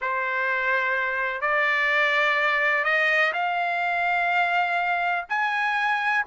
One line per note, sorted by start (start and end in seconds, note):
0.01 1.41 C5
1.41 2.84 D5
2.84 3.32 D#5
3.33 5.25 F5
5.29 6.25 G#5